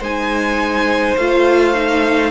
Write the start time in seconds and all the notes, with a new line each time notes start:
0.00 G#3 D#4 C5 G#5
1.17 A3 F4 F5
1.74 D#4